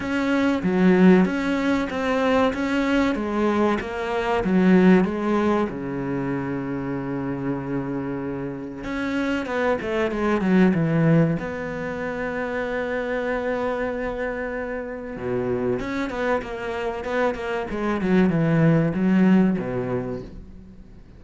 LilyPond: \new Staff \with { instrumentName = "cello" } { \time 4/4 \tempo 4 = 95 cis'4 fis4 cis'4 c'4 | cis'4 gis4 ais4 fis4 | gis4 cis2.~ | cis2 cis'4 b8 a8 |
gis8 fis8 e4 b2~ | b1 | b,4 cis'8 b8 ais4 b8 ais8 | gis8 fis8 e4 fis4 b,4 | }